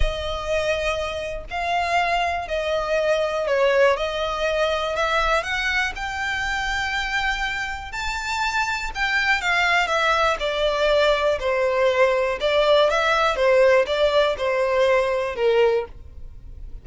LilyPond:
\new Staff \with { instrumentName = "violin" } { \time 4/4 \tempo 4 = 121 dis''2. f''4~ | f''4 dis''2 cis''4 | dis''2 e''4 fis''4 | g''1 |
a''2 g''4 f''4 | e''4 d''2 c''4~ | c''4 d''4 e''4 c''4 | d''4 c''2 ais'4 | }